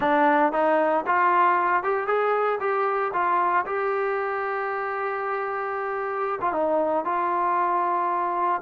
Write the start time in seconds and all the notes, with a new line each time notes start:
0.00 D4
0.52 D#4
1.06 F4
1.83 G4
2.07 G#4
2.59 G4
3.13 F4
3.65 G4
6.41 F4
6.52 D#4
7.04 F4